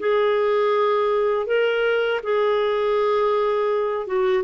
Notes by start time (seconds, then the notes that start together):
0.00 G#4
1.47 A#4
2.24 G#4
4.07 F#4